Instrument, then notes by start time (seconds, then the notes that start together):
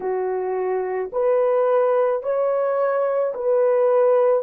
horn
0.00 F#4
1.12 B4
2.22 C#5
3.34 B4